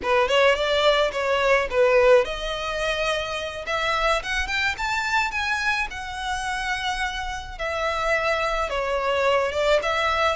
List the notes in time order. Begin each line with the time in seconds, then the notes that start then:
0.02 B4
0.28 C#5
0.55 D5
1.11 C#5
1.70 B4
2.25 D#5
3.66 E5
4.22 F#5
4.47 G5
4.77 A5
5.31 G#5
5.90 F#5
7.58 E5
8.69 C#5
9.51 D5
9.82 E5